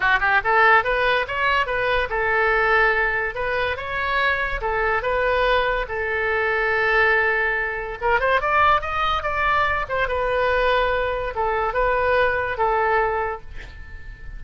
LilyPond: \new Staff \with { instrumentName = "oboe" } { \time 4/4 \tempo 4 = 143 fis'8 g'8 a'4 b'4 cis''4 | b'4 a'2. | b'4 cis''2 a'4 | b'2 a'2~ |
a'2. ais'8 c''8 | d''4 dis''4 d''4. c''8 | b'2. a'4 | b'2 a'2 | }